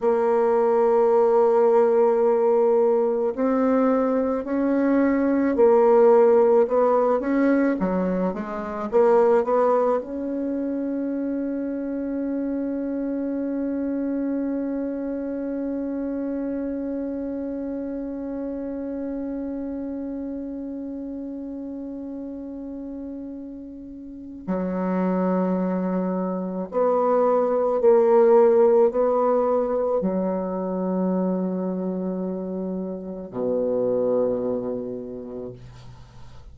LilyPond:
\new Staff \with { instrumentName = "bassoon" } { \time 4/4 \tempo 4 = 54 ais2. c'4 | cis'4 ais4 b8 cis'8 fis8 gis8 | ais8 b8 cis'2.~ | cis'1~ |
cis'1~ | cis'2 fis2 | b4 ais4 b4 fis4~ | fis2 b,2 | }